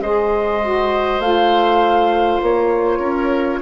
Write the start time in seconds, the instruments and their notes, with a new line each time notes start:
0.00 bassoon G#3, saxophone G#4, oboe C5, flute D#5
0.62 saxophone F#4
1.19 bassoon A3, saxophone F4, flute F5
2.42 bassoon A#3, flute C#5
2.99 bassoon C#4, oboe A#4